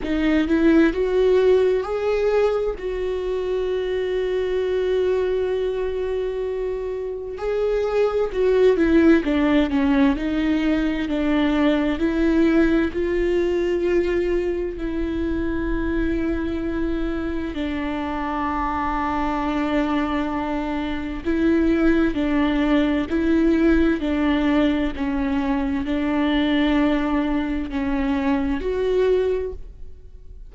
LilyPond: \new Staff \with { instrumentName = "viola" } { \time 4/4 \tempo 4 = 65 dis'8 e'8 fis'4 gis'4 fis'4~ | fis'1 | gis'4 fis'8 e'8 d'8 cis'8 dis'4 | d'4 e'4 f'2 |
e'2. d'4~ | d'2. e'4 | d'4 e'4 d'4 cis'4 | d'2 cis'4 fis'4 | }